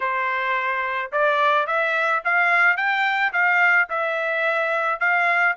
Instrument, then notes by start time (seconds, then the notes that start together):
trumpet
0.00 C5
1.12 D5
1.67 E5
2.24 F5
2.76 G5
3.32 F5
3.89 E5
5.00 F5